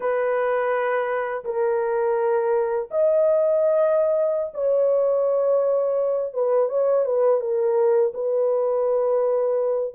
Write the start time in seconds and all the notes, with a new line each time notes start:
0.00 B4
1.44 A#4
2.90 D#5
4.53 C#5
6.33 B4
6.69 C#5
7.05 B4
7.40 A#4
8.14 B4